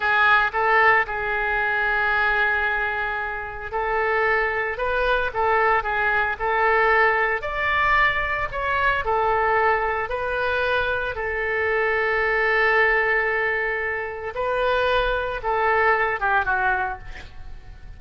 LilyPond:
\new Staff \with { instrumentName = "oboe" } { \time 4/4 \tempo 4 = 113 gis'4 a'4 gis'2~ | gis'2. a'4~ | a'4 b'4 a'4 gis'4 | a'2 d''2 |
cis''4 a'2 b'4~ | b'4 a'2.~ | a'2. b'4~ | b'4 a'4. g'8 fis'4 | }